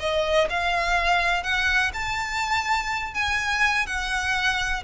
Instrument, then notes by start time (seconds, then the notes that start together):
violin
0.00 D#5
0.50 F5
1.44 F#5
1.94 A5
3.15 G#5
3.87 F#5